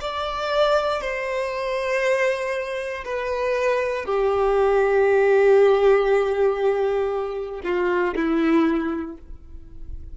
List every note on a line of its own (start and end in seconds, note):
0.00 1.00 D5
1.00 3.04 C5
3.04 4.05 B4
4.05 7.61 G4
7.63 8.14 F4
8.15 9.17 E4